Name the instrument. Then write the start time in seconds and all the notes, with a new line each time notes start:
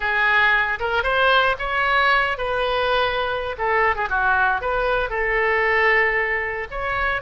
oboe
0.00 G#4
0.79 A#4
1.03 C5
1.58 C#5
2.37 B4
3.57 A4
3.95 G#4
4.09 F#4
4.61 B4
5.09 A4
6.70 C#5